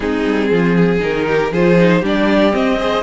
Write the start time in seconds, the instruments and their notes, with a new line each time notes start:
0.00 cello G#3, viola C4, violin D#4 G#4
0.25 cello G3
0.50 cello F3, violin F4
0.76 violin G#4
0.99 cello D#3, viola D#4, violin A#4
1.27 violin G4
1.51 cello F3, viola F4, violin G#4 C5
1.77 viola D#4
2.01 cello G3, viola D4, violin G4 D5
2.52 viola C4, cello C4, violin D#5
2.78 viola G#4, violin C5